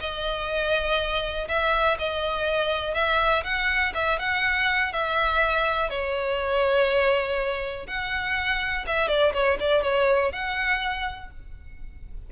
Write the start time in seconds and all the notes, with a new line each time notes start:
0.00 D#5
1.48 E5
1.98 D#5
2.94 E5
3.44 F#5
3.94 E5
4.19 F#5
4.92 E5
5.89 C#5
7.87 F#5
8.86 E5
9.08 D5
9.33 C#5
9.59 D5
9.83 C#5
10.32 F#5